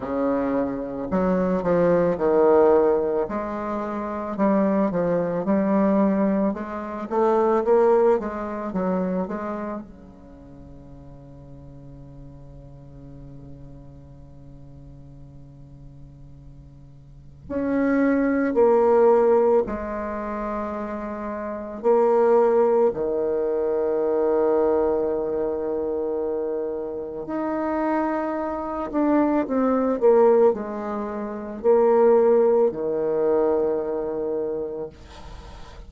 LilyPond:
\new Staff \with { instrumentName = "bassoon" } { \time 4/4 \tempo 4 = 55 cis4 fis8 f8 dis4 gis4 | g8 f8 g4 gis8 a8 ais8 gis8 | fis8 gis8 cis2.~ | cis1 |
cis'4 ais4 gis2 | ais4 dis2.~ | dis4 dis'4. d'8 c'8 ais8 | gis4 ais4 dis2 | }